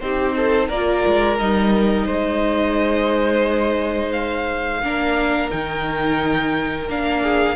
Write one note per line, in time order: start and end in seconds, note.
0.00 0.69 C4
0.00 0.72 D#4
0.00 0.36 G4
0.00 0.69 C5
0.36 0.69 A4
0.69 1.04 A#3
0.69 1.39 F4
0.69 2.06 A#4
0.69 1.38 D5
1.07 1.40 G#3
1.39 2.08 G3
1.39 4.83 D#4
1.39 4.12 D#5
2.06 4.82 G#3
2.06 4.82 C5
4.12 5.50 F5
4.82 5.51 A#3
4.82 5.51 D4
4.82 7.22 A#4
5.51 6.89 D#3
5.51 6.89 D#4
5.51 6.89 G5
6.89 7.56 A#3
6.89 7.56 D4
6.89 7.56 F5
7.22 7.56 G#4